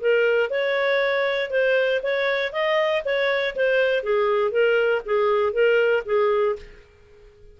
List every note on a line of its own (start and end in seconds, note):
0.00 0.50 A#4
0.50 1.50 C#5
1.50 2.01 C5
2.02 2.52 C#5
2.52 3.03 D#5
3.04 3.55 C#5
3.55 4.03 C5
4.03 4.51 G#4
4.51 5.01 A#4
5.05 5.52 G#4
5.52 6.03 A#4
6.05 6.55 G#4